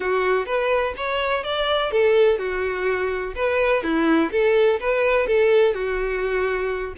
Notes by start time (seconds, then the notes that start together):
0.00 F#4
0.46 B4
0.96 C#5
1.43 D5
1.91 A4
2.38 F#4
3.35 B4
3.83 E4
4.31 A4
4.80 B4
5.26 A4
5.74 F#4